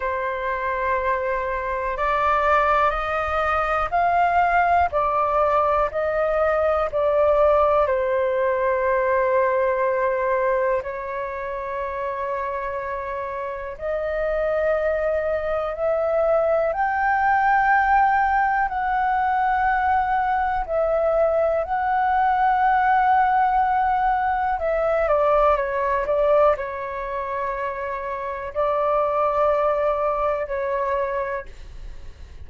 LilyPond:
\new Staff \with { instrumentName = "flute" } { \time 4/4 \tempo 4 = 61 c''2 d''4 dis''4 | f''4 d''4 dis''4 d''4 | c''2. cis''4~ | cis''2 dis''2 |
e''4 g''2 fis''4~ | fis''4 e''4 fis''2~ | fis''4 e''8 d''8 cis''8 d''8 cis''4~ | cis''4 d''2 cis''4 | }